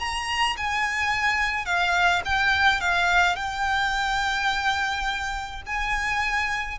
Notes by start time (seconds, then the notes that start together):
0.00 A#5
0.57 G#5
1.66 F5
2.26 G5
2.81 F5
3.36 G5
5.67 G#5